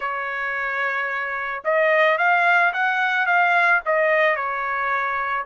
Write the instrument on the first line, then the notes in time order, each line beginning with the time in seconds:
trumpet
0.00 C#5
1.64 D#5
2.18 F5
2.73 F#5
3.26 F5
3.85 D#5
4.36 C#5